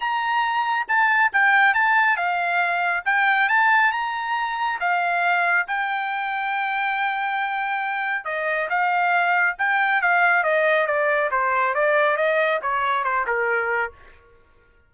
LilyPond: \new Staff \with { instrumentName = "trumpet" } { \time 4/4 \tempo 4 = 138 ais''2 a''4 g''4 | a''4 f''2 g''4 | a''4 ais''2 f''4~ | f''4 g''2.~ |
g''2. dis''4 | f''2 g''4 f''4 | dis''4 d''4 c''4 d''4 | dis''4 cis''4 c''8 ais'4. | }